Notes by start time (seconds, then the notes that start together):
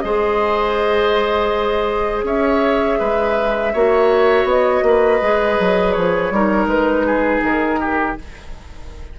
0.00 G#3 G#4 C5 D#5
2.23 C#4 C#5 E5
2.99 G#3 B4
3.73 A#3 F#4 C#5
4.44 B3 D#5
4.82 A#3 B4
5.21 G#3 G#4
5.59 F#3
5.92 F3 C#5
6.30 G3 D#4 A#4
6.66 G#3 B4
7.06 G#4
7.42 D#3 A#4
7.79 G4